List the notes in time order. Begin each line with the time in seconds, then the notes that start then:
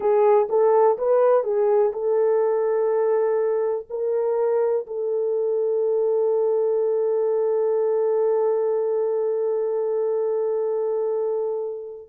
0.00 G#4
0.49 A4
0.98 B4
1.43 G#4
1.92 A4
3.89 A#4
4.87 A4